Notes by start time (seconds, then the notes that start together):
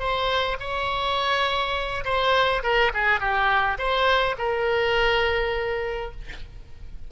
0.00 C5
0.60 C#5
2.05 C5
2.64 A#4
2.94 G#4
3.21 G4
3.79 C5
4.39 A#4